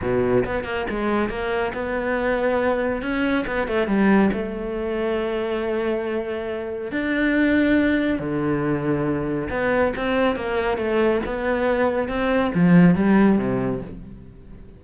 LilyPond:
\new Staff \with { instrumentName = "cello" } { \time 4/4 \tempo 4 = 139 b,4 b8 ais8 gis4 ais4 | b2. cis'4 | b8 a8 g4 a2~ | a1 |
d'2. d4~ | d2 b4 c'4 | ais4 a4 b2 | c'4 f4 g4 c4 | }